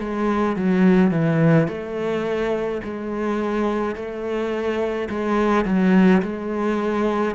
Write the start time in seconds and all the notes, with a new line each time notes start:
0.00 G#3
0.57 F#3
1.11 E3
1.68 A3
2.84 G#3
3.96 A3
5.10 G#3
5.66 F#3
6.23 G#3